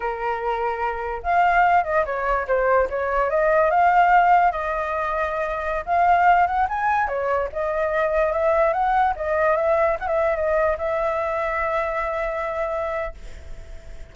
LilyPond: \new Staff \with { instrumentName = "flute" } { \time 4/4 \tempo 4 = 146 ais'2. f''4~ | f''8 dis''8 cis''4 c''4 cis''4 | dis''4 f''2 dis''4~ | dis''2~ dis''16 f''4. fis''16~ |
fis''16 gis''4 cis''4 dis''4.~ dis''16~ | dis''16 e''4 fis''4 dis''4 e''8.~ | e''16 fis''16 e''8. dis''4 e''4.~ e''16~ | e''1 | }